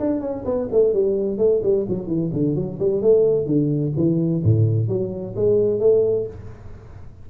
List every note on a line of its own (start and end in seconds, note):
0.00 0.21 D4
0.21 0.44 C#4
0.45 0.68 B3
0.72 0.94 A3
0.94 1.38 G3
1.38 1.61 A3
1.63 1.86 G3
1.89 2.07 F#3
2.07 2.30 E3
2.33 2.56 D3
2.56 2.79 F#3
2.79 3.02 G3
3.02 3.46 A3
3.46 3.93 D3
3.97 4.43 E3
4.44 4.88 A2
4.88 5.35 F#3
5.36 5.80 G#3
5.80 6.27 A3